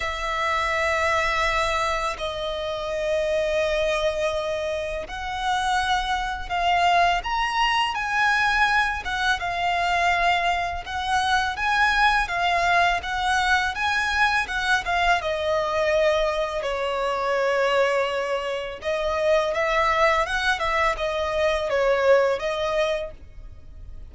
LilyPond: \new Staff \with { instrumentName = "violin" } { \time 4/4 \tempo 4 = 83 e''2. dis''4~ | dis''2. fis''4~ | fis''4 f''4 ais''4 gis''4~ | gis''8 fis''8 f''2 fis''4 |
gis''4 f''4 fis''4 gis''4 | fis''8 f''8 dis''2 cis''4~ | cis''2 dis''4 e''4 | fis''8 e''8 dis''4 cis''4 dis''4 | }